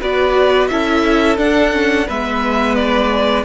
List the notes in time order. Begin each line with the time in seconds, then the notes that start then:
0.00 B3 F#4 B4 D5
0.67 C#4 E4 A4 E5
1.37 D4 F#5
1.72 C#4
2.07 G#3 B3 B4 E5
2.75 D5